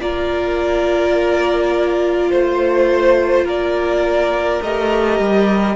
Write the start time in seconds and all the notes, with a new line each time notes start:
0.00 A#3 F4 A#4 D5
2.31 A3 C5
3.45 A#3 A#4 D5
4.62 A3 G4 D#5
5.19 G3